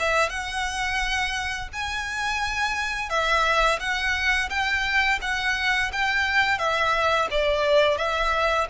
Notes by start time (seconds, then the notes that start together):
0.00 E5
0.29 F#5
1.73 G#5
3.10 E5
3.80 F#5
4.50 G5
5.22 F#5
5.93 G5
6.59 E5
7.31 D5
7.98 E5